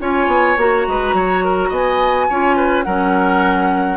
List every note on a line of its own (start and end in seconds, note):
0.00 0.27 C#4
0.00 0.57 F4
0.00 0.87 C#5
0.00 0.58 G#5
0.27 0.56 B3
0.57 0.86 A#3
0.57 2.30 F#4
0.57 1.73 A#5
0.88 1.13 G#3
0.88 1.16 B4
1.13 1.70 F#3
1.13 1.44 C#5
1.44 1.69 A#4
1.69 2.28 B3
1.69 2.26 D#5
1.69 2.83 G#5
2.29 2.86 C#4
2.29 2.86 F4
2.29 2.56 C#5
2.56 2.85 B4
2.83 3.97 F#3
2.83 3.97 C#4
2.83 3.97 A#4
2.83 3.97 F#5